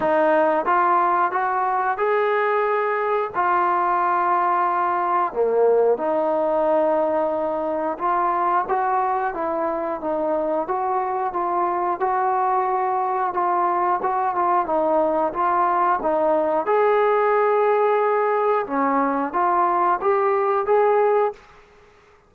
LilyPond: \new Staff \with { instrumentName = "trombone" } { \time 4/4 \tempo 4 = 90 dis'4 f'4 fis'4 gis'4~ | gis'4 f'2. | ais4 dis'2. | f'4 fis'4 e'4 dis'4 |
fis'4 f'4 fis'2 | f'4 fis'8 f'8 dis'4 f'4 | dis'4 gis'2. | cis'4 f'4 g'4 gis'4 | }